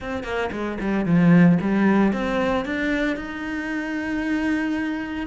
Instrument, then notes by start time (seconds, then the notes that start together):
cello
0.00 C4
0.23 A#3
0.51 G#3
0.80 G3
1.05 F3
1.61 G3
2.12 C4
2.65 D4
3.16 D#4